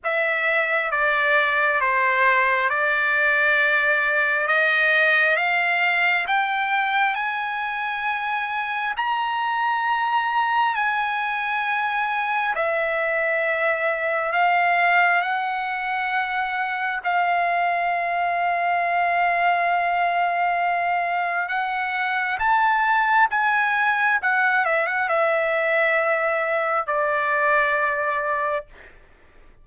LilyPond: \new Staff \with { instrumentName = "trumpet" } { \time 4/4 \tempo 4 = 67 e''4 d''4 c''4 d''4~ | d''4 dis''4 f''4 g''4 | gis''2 ais''2 | gis''2 e''2 |
f''4 fis''2 f''4~ | f''1 | fis''4 a''4 gis''4 fis''8 e''16 fis''16 | e''2 d''2 | }